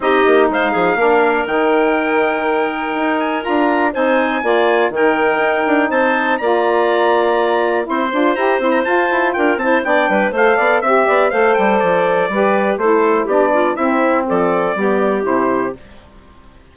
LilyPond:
<<
  \new Staff \with { instrumentName = "trumpet" } { \time 4/4 \tempo 4 = 122 dis''4 f''2 g''4~ | g''2~ g''8 gis''8 ais''4 | gis''2 g''2 | a''4 ais''2. |
c'''4 ais''8 c'''16 ais''16 a''4 g''8 a''8 | g''4 f''4 e''4 f''8 g''8 | d''2 c''4 d''4 | e''4 d''2 c''4 | }
  \new Staff \with { instrumentName = "clarinet" } { \time 4/4 g'4 c''8 gis'8 ais'2~ | ais'1 | c''4 d''4 ais'2 | c''4 d''2. |
c''2. ais'8 c''8 | d''8 b'8 c''8 d''8 e''8 d''8 c''4~ | c''4 b'4 a'4 g'8 f'8 | e'4 a'4 g'2 | }
  \new Staff \with { instrumentName = "saxophone" } { \time 4/4 dis'2 d'4 dis'4~ | dis'2. f'4 | dis'4 f'4 dis'2~ | dis'4 f'2. |
e'8 f'8 g'8 e'8 f'4. e'8 | d'4 a'4 g'4 a'4~ | a'4 g'4 e'4 d'4 | c'2 b4 e'4 | }
  \new Staff \with { instrumentName = "bassoon" } { \time 4/4 c'8 ais8 gis8 f8 ais4 dis4~ | dis2 dis'4 d'4 | c'4 ais4 dis4 dis'8 d'8 | c'4 ais2. |
c'8 d'8 e'8 c'8 f'8 e'8 d'8 c'8 | b8 g8 a8 b8 c'8 b8 a8 g8 | f4 g4 a4 b4 | c'4 f4 g4 c4 | }
>>